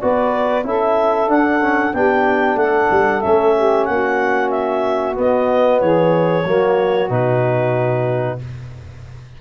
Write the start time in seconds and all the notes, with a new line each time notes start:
0.00 B3 F#4 B4 D5
0.63 C#4 E4 A4 E5
1.28 D4 F#5
1.61 C#4
1.94 B3 D4 G4 G5
2.55 A3 A4 F#5
2.91 G3
3.21 A3 C#4 E5
3.56 G4
3.85 A#3 F#4 F#5
4.50 E5
5.15 B3 D#5
5.80 E3 G#4 C#5
6.45 F#3 A#3 F#4
7.10 B2 D#4 B4